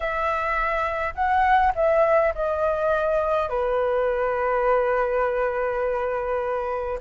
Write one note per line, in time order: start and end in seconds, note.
0.00 1.14 E5
1.14 1.73 F#5
1.75 2.33 E5
2.35 3.49 D#5
3.49 6.98 B4